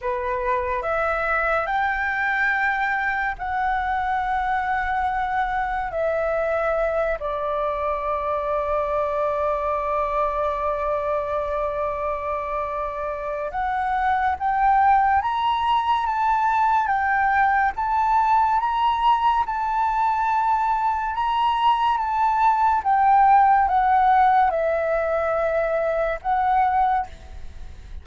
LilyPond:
\new Staff \with { instrumentName = "flute" } { \time 4/4 \tempo 4 = 71 b'4 e''4 g''2 | fis''2. e''4~ | e''8 d''2.~ d''8~ | d''1 |
fis''4 g''4 ais''4 a''4 | g''4 a''4 ais''4 a''4~ | a''4 ais''4 a''4 g''4 | fis''4 e''2 fis''4 | }